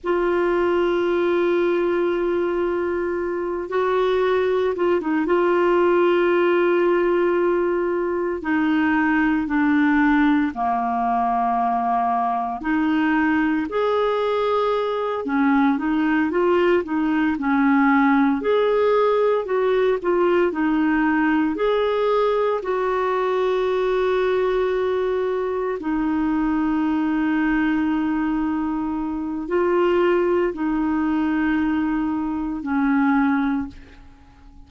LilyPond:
\new Staff \with { instrumentName = "clarinet" } { \time 4/4 \tempo 4 = 57 f'2.~ f'8 fis'8~ | fis'8 f'16 dis'16 f'2. | dis'4 d'4 ais2 | dis'4 gis'4. cis'8 dis'8 f'8 |
dis'8 cis'4 gis'4 fis'8 f'8 dis'8~ | dis'8 gis'4 fis'2~ fis'8~ | fis'8 dis'2.~ dis'8 | f'4 dis'2 cis'4 | }